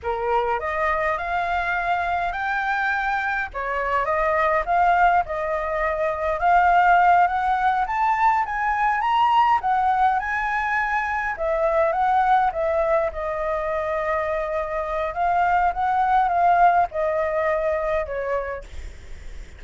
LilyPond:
\new Staff \with { instrumentName = "flute" } { \time 4/4 \tempo 4 = 103 ais'4 dis''4 f''2 | g''2 cis''4 dis''4 | f''4 dis''2 f''4~ | f''8 fis''4 a''4 gis''4 ais''8~ |
ais''8 fis''4 gis''2 e''8~ | e''8 fis''4 e''4 dis''4.~ | dis''2 f''4 fis''4 | f''4 dis''2 cis''4 | }